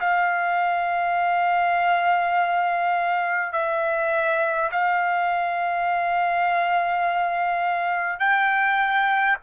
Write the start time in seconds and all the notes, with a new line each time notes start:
0.00 F5
3.52 E5
4.71 F5
8.19 G5